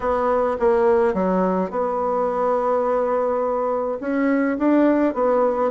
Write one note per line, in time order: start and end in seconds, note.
0.00 0.57 B3
0.59 1.14 A#3
1.14 1.70 F#3
1.70 3.98 B3
4.00 4.57 C#4
4.58 5.14 D4
5.14 5.70 B3